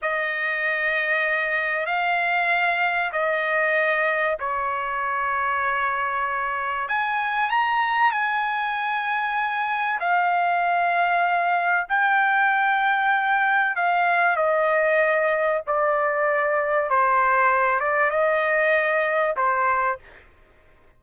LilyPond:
\new Staff \with { instrumentName = "trumpet" } { \time 4/4 \tempo 4 = 96 dis''2. f''4~ | f''4 dis''2 cis''4~ | cis''2. gis''4 | ais''4 gis''2. |
f''2. g''4~ | g''2 f''4 dis''4~ | dis''4 d''2 c''4~ | c''8 d''8 dis''2 c''4 | }